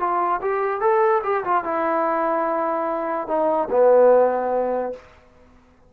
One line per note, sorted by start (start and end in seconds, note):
0.00 0.41 F4
0.42 0.81 G4
0.81 1.22 A4
1.24 1.45 G4
1.45 1.65 F4
1.65 3.28 E4
3.28 3.69 D#4
3.71 4.93 B3